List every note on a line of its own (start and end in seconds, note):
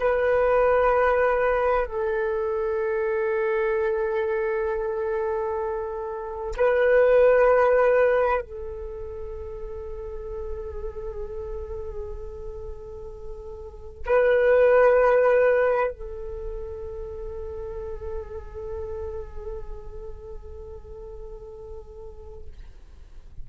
0.00 1.86 B4
1.86 6.55 A4
6.58 8.42 B4
8.42 14.04 A4
14.06 15.91 B4
15.91 22.47 A4